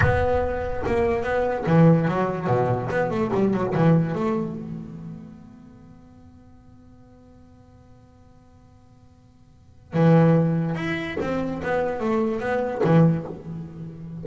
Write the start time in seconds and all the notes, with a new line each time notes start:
0.00 B3
0.86 A#3
1.23 B3
1.66 E3
2.08 F#3
2.47 B2
2.90 B3
3.10 A3
3.33 G3
3.53 F#3
3.74 E3
4.14 A3
4.55 B3
9.93 E3
10.75 E4
11.20 C4
11.62 B3
12.00 A3
12.40 B3
12.84 E3